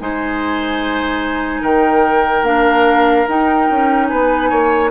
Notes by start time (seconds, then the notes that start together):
0.00 G#3 D#4 C5 G#5
1.61 D#3 A#4 G5
2.43 A#3 D4 F5
3.28 D#4 G5
3.70 C#4
4.07 B3 B4 G#5
4.50 A#3 C#5